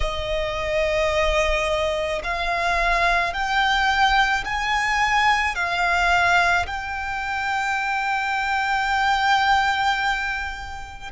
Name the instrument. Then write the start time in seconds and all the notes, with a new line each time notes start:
violin
0.00 D#5
2.23 F5
3.33 G5
4.44 G#5
5.55 F5
6.66 G5